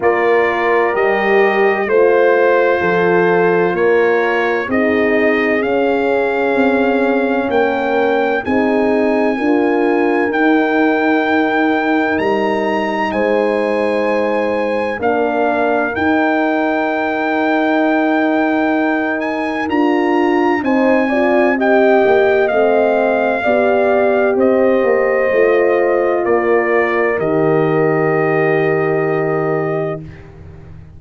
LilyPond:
<<
  \new Staff \with { instrumentName = "trumpet" } { \time 4/4 \tempo 4 = 64 d''4 dis''4 c''2 | cis''4 dis''4 f''2 | g''4 gis''2 g''4~ | g''4 ais''4 gis''2 |
f''4 g''2.~ | g''8 gis''8 ais''4 gis''4 g''4 | f''2 dis''2 | d''4 dis''2. | }
  \new Staff \with { instrumentName = "horn" } { \time 4/4 ais'2 c''4 a'4 | ais'4 gis'2. | ais'4 gis'4 ais'2~ | ais'2 c''2 |
ais'1~ | ais'2 c''8 d''8 dis''4~ | dis''4 d''4 c''2 | ais'1 | }
  \new Staff \with { instrumentName = "horn" } { \time 4/4 f'4 g'4 f'2~ | f'4 dis'4 cis'2~ | cis'4 dis'4 f'4 dis'4~ | dis'1 |
d'4 dis'2.~ | dis'4 f'4 dis'8 f'8 g'4 | c'4 g'2 f'4~ | f'4 g'2. | }
  \new Staff \with { instrumentName = "tuba" } { \time 4/4 ais4 g4 a4 f4 | ais4 c'4 cis'4 c'4 | ais4 c'4 d'4 dis'4~ | dis'4 g4 gis2 |
ais4 dis'2.~ | dis'4 d'4 c'4. ais8 | a4 b4 c'8 ais8 a4 | ais4 dis2. | }
>>